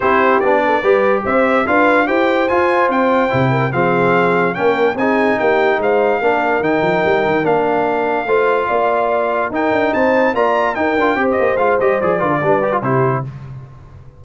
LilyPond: <<
  \new Staff \with { instrumentName = "trumpet" } { \time 4/4 \tempo 4 = 145 c''4 d''2 e''4 | f''4 g''4 gis''4 g''4~ | g''4 f''2 g''4 | gis''4 g''4 f''2 |
g''2 f''2~ | f''2. g''4 | a''4 ais''4 g''4~ g''16 dis''8. | f''8 dis''8 d''2 c''4 | }
  \new Staff \with { instrumentName = "horn" } { \time 4/4 g'4. a'8 b'4 c''4 | b'4 c''2.~ | c''8 ais'8 gis'2 ais'4 | gis'4 g'4 c''4 ais'4~ |
ais'1 | c''4 d''2 ais'4 | c''4 d''4 ais'4 c''4~ | c''4. b'16 a'16 b'4 g'4 | }
  \new Staff \with { instrumentName = "trombone" } { \time 4/4 e'4 d'4 g'2 | f'4 g'4 f'2 | e'4 c'2 cis'4 | dis'2. d'4 |
dis'2 d'2 | f'2. dis'4~ | dis'4 f'4 dis'8 f'8 g'4 | f'8 g'8 gis'8 f'8 d'8 g'16 f'16 e'4 | }
  \new Staff \with { instrumentName = "tuba" } { \time 4/4 c'4 b4 g4 c'4 | d'4 e'4 f'4 c'4 | c4 f2 ais4 | c'4 ais4 gis4 ais4 |
dis8 f8 g8 dis8 ais2 | a4 ais2 dis'8 d'8 | c'4 ais4 dis'8 d'8 c'8 ais8 | gis8 g8 f8 d8 g4 c4 | }
>>